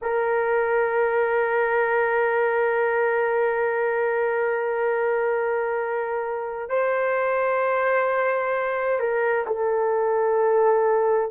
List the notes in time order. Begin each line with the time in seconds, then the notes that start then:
0.01 A#4
6.69 C5
8.99 A#4
9.47 A4